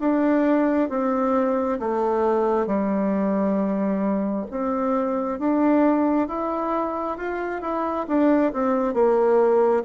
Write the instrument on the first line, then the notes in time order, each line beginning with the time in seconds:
bassoon
0.00 D4
0.90 C4
1.80 A3
2.67 G3
4.51 C4
5.39 D4
6.28 E4
7.18 F4
7.62 E4
8.08 D4
8.53 C4
8.94 A#3